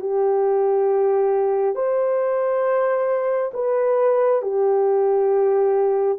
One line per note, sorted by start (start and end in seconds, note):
0.00 1.74 G4
1.74 3.51 C5
3.53 4.42 B4
4.42 6.18 G4